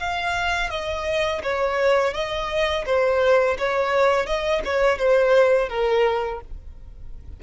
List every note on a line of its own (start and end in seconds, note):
0.00 0.71 F5
0.71 1.42 D#5
1.44 2.14 C#5
2.14 2.86 D#5
2.86 3.57 C5
3.59 4.27 C#5
4.27 4.62 D#5
4.65 4.99 C#5
4.99 5.69 C5
5.69 6.41 A#4